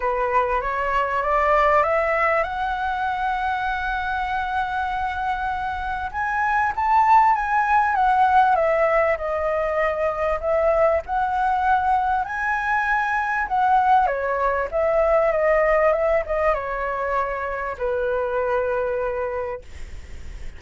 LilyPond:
\new Staff \with { instrumentName = "flute" } { \time 4/4 \tempo 4 = 98 b'4 cis''4 d''4 e''4 | fis''1~ | fis''2 gis''4 a''4 | gis''4 fis''4 e''4 dis''4~ |
dis''4 e''4 fis''2 | gis''2 fis''4 cis''4 | e''4 dis''4 e''8 dis''8 cis''4~ | cis''4 b'2. | }